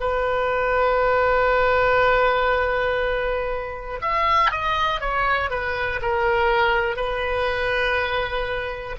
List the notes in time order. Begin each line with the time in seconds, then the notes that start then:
0.00 B4
4.01 E5
4.50 D#5
5.00 C#5
5.50 B4
6.02 A#4
6.96 B4